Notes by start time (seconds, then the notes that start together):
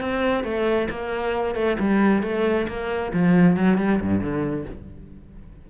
0.00 C4
0.44 A3
0.89 A#3
1.55 A3
1.79 G3
2.22 A3
2.67 A#3
3.13 F3
3.56 F#3
3.78 G3
4.01 G2
4.21 D3